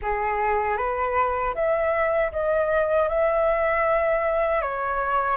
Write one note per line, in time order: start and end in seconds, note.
0.02 0.77 G#4
0.77 1.54 B4
1.54 2.31 E5
2.31 3.08 D#5
3.08 4.62 E5
4.62 5.36 C#5